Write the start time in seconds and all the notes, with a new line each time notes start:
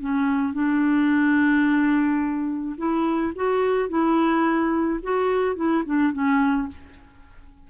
0.00 C#4
0.53 D4
2.77 E4
3.35 F#4
3.89 E4
5.02 F#4
5.56 E4
5.85 D4
6.12 C#4